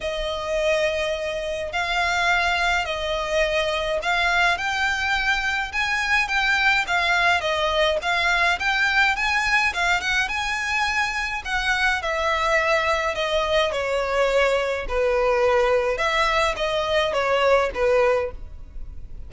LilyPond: \new Staff \with { instrumentName = "violin" } { \time 4/4 \tempo 4 = 105 dis''2. f''4~ | f''4 dis''2 f''4 | g''2 gis''4 g''4 | f''4 dis''4 f''4 g''4 |
gis''4 f''8 fis''8 gis''2 | fis''4 e''2 dis''4 | cis''2 b'2 | e''4 dis''4 cis''4 b'4 | }